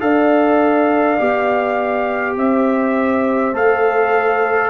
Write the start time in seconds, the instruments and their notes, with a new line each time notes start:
0.00 tuba D4, trombone A4, horn D5, trumpet F5
1.19 tuba B3, trombone G4
2.36 tuba C4, horn C5, trumpet E5
3.52 tuba A3, trombone A4, trumpet F5